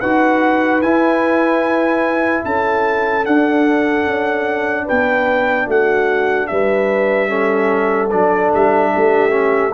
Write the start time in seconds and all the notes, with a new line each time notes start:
0.00 D#4 F#4 B4 F#5
0.81 E4 G#5
2.44 C#4 A4 A5
3.23 D4 F#5
4.06 C#4
4.84 B3 B4 G5
5.66 A3 F#4 F#5
6.47 G3 B4 E5
7.29 C#4 A4
8.10 F#3 D4 D5
8.53 G3 E5
8.93 A3 G4
9.30 C#4